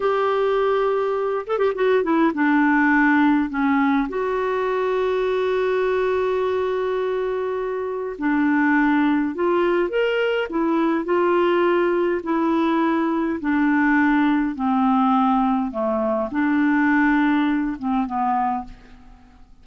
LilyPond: \new Staff \with { instrumentName = "clarinet" } { \time 4/4 \tempo 4 = 103 g'2~ g'8 a'16 g'16 fis'8 e'8 | d'2 cis'4 fis'4~ | fis'1~ | fis'2 d'2 |
f'4 ais'4 e'4 f'4~ | f'4 e'2 d'4~ | d'4 c'2 a4 | d'2~ d'8 c'8 b4 | }